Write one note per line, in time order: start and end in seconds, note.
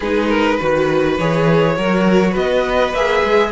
0.00 0.59 G#3
0.00 0.59 D#4
0.00 0.29 G#4
0.00 1.17 B4
0.29 0.56 A#4
0.56 1.19 D#3
0.56 1.18 F#4
0.56 1.74 B4
1.18 1.77 E3
1.18 1.75 G#4
1.18 2.35 C#5
1.75 2.36 F#3
1.75 2.93 F#4
1.75 2.31 A#4
2.31 2.92 B3
2.31 3.48 B4
2.31 2.94 D#5
2.92 3.22 A#3
2.92 3.51 G#4
2.92 3.51 E5
3.23 3.51 G#3